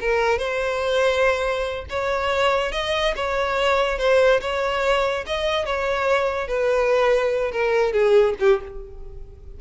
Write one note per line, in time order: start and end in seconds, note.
0.00 0.38 A#4
0.38 1.85 C5
1.89 2.72 C#5
2.72 3.14 D#5
3.16 3.98 C#5
3.98 4.40 C5
4.41 5.24 C#5
5.26 5.65 D#5
5.65 6.47 C#5
6.47 7.51 B4
7.51 7.92 A#4
7.92 8.34 G#4
8.40 8.61 G4